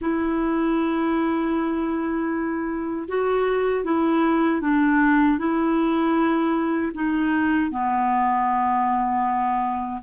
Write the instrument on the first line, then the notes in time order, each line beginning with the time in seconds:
clarinet
0.01 E4
3.08 F#4
3.84 E4
4.61 D4
5.38 E4
6.94 D#4
7.70 B3